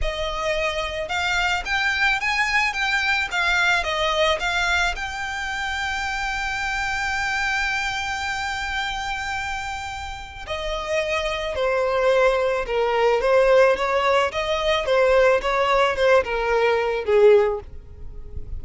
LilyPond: \new Staff \with { instrumentName = "violin" } { \time 4/4 \tempo 4 = 109 dis''2 f''4 g''4 | gis''4 g''4 f''4 dis''4 | f''4 g''2.~ | g''1~ |
g''2. dis''4~ | dis''4 c''2 ais'4 | c''4 cis''4 dis''4 c''4 | cis''4 c''8 ais'4. gis'4 | }